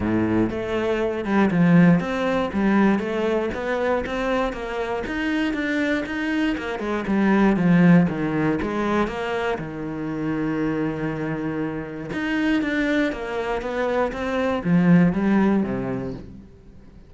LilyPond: \new Staff \with { instrumentName = "cello" } { \time 4/4 \tempo 4 = 119 a,4 a4. g8 f4 | c'4 g4 a4 b4 | c'4 ais4 dis'4 d'4 | dis'4 ais8 gis8 g4 f4 |
dis4 gis4 ais4 dis4~ | dis1 | dis'4 d'4 ais4 b4 | c'4 f4 g4 c4 | }